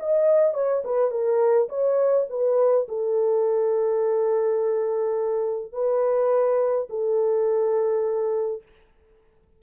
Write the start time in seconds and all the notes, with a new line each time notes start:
0.00 D#5
0.55 C#5
0.85 B4
1.11 A#4
1.69 C#5
2.30 B4
2.89 A4
5.73 B4
6.90 A4